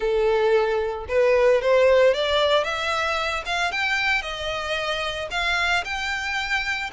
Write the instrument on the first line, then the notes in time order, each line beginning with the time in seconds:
violin
0.00 A4
1.08 B4
1.61 C5
2.14 D5
2.64 E5
3.45 F5
3.71 G5
4.22 D#5
5.30 F5
5.84 G5